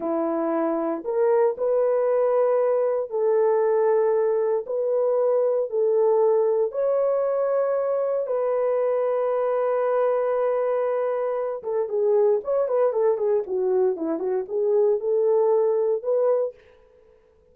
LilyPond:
\new Staff \with { instrumentName = "horn" } { \time 4/4 \tempo 4 = 116 e'2 ais'4 b'4~ | b'2 a'2~ | a'4 b'2 a'4~ | a'4 cis''2. |
b'1~ | b'2~ b'8 a'8 gis'4 | cis''8 b'8 a'8 gis'8 fis'4 e'8 fis'8 | gis'4 a'2 b'4 | }